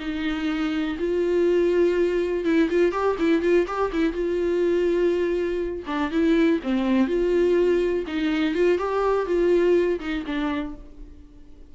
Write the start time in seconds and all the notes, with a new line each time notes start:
0.00 D#4
0.99 F4
2.45 E4
2.70 F4
2.92 G4
3.19 E4
3.42 F4
3.67 G4
3.93 E4
4.13 F4
5.87 D4
6.11 E4
6.63 C4
7.08 F4
8.07 D#4
8.55 F4
8.78 G4
9.26 F4
10.00 D#4
10.26 D4